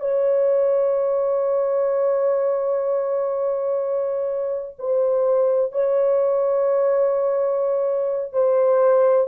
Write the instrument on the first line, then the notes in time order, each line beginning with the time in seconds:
horn
0.00 C#5
4.79 C5
5.72 C#5
8.33 C5